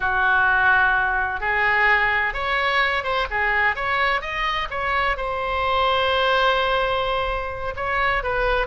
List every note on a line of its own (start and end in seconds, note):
0.00 1.40 F#4
1.40 2.33 G#4
2.33 3.03 C#5
3.03 3.26 C5
3.30 3.75 G#4
3.75 4.21 C#5
4.21 4.68 D#5
4.70 5.16 C#5
5.16 7.74 C5
7.76 8.23 C#5
8.23 8.66 B4